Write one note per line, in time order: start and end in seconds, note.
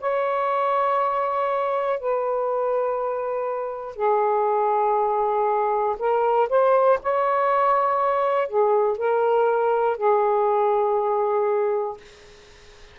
0.00 2.00 C#5
2.00 3.96 B4
3.96 5.96 G#4
5.99 6.49 A#4
6.50 7.00 C5
7.03 8.48 C#5
8.48 8.98 G#4
8.98 9.98 A#4
9.98 11.98 G#4